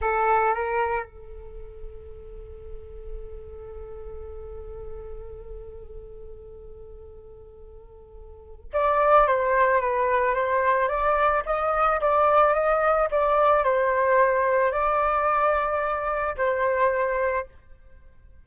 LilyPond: \new Staff \with { instrumentName = "flute" } { \time 4/4 \tempo 4 = 110 a'4 ais'4 a'2~ | a'1~ | a'1~ | a'1 |
d''4 c''4 b'4 c''4 | d''4 dis''4 d''4 dis''4 | d''4 c''2 d''4~ | d''2 c''2 | }